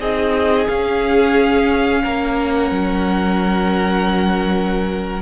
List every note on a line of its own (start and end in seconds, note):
0.00 0.67 C4
0.00 0.67 D#4
0.00 2.03 G#4
0.00 0.68 D#5
0.67 5.22 C#4
0.67 2.04 C#4
0.67 2.54 F5
2.03 2.71 A#3
2.03 5.22 A#4
2.55 5.22 F#5
2.71 5.22 F#3